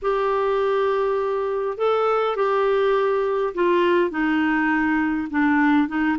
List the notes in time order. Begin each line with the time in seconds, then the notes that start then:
0.02 G4
1.77 A4
2.35 G4
3.54 F4
4.10 D#4
5.30 D4
5.87 D#4